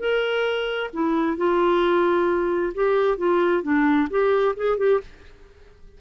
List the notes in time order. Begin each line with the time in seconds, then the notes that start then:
0.00 A#4
0.94 E4
1.38 F4
2.75 G4
3.18 F4
3.63 D4
4.11 G4
4.57 G#4
4.78 G4